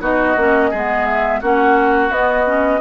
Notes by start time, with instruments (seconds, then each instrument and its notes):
0.00 bassoon B3, clarinet D#4, oboe F#4, flute D#5
0.36 bassoon A#3, clarinet C#4
0.70 bassoon G#3, clarinet B3, oboe G#4
1.05 flute E5
1.41 bassoon A#3, clarinet C#4, oboe F#4, flute F#5
2.09 clarinet B3, bassoon B3, flute D#5
2.45 clarinet C#4